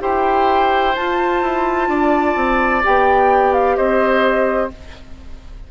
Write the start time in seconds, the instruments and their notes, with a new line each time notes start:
0.00 bassoon E4, clarinet G4, oboe C5, flute G5
0.96 clarinet F4, bassoon F4, flute A5
1.42 bassoon E4
1.88 bassoon D4, oboe D5
2.36 bassoon C4
2.83 bassoon B3, clarinet G4, flute G5
3.53 flute F5
3.76 bassoon C4, oboe C5, flute D#5